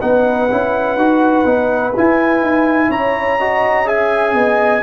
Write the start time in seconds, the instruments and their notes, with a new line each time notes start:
0.00 tuba B3, trombone D#4, horn B4, trumpet F#5
0.51 tuba C#4, trombone E4
0.97 tuba D#4, trombone F#4
1.45 tuba B3, trombone D#4
1.97 trombone E4, tuba E4, trumpet G#5
2.41 tuba D#4
2.90 tuba C#4, horn C#5, trumpet A#5
3.39 trombone F#4, horn D#5
3.86 trombone G#4, horn E5, trumpet G#5
4.35 tuba B3, horn D#5